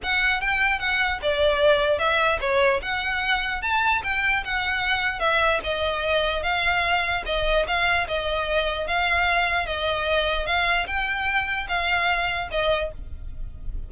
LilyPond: \new Staff \with { instrumentName = "violin" } { \time 4/4 \tempo 4 = 149 fis''4 g''4 fis''4 d''4~ | d''4 e''4 cis''4 fis''4~ | fis''4 a''4 g''4 fis''4~ | fis''4 e''4 dis''2 |
f''2 dis''4 f''4 | dis''2 f''2 | dis''2 f''4 g''4~ | g''4 f''2 dis''4 | }